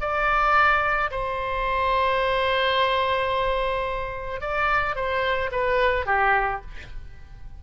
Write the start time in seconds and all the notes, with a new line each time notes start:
0.00 D5
1.10 C5
4.41 D5
4.95 C5
5.51 B4
6.06 G4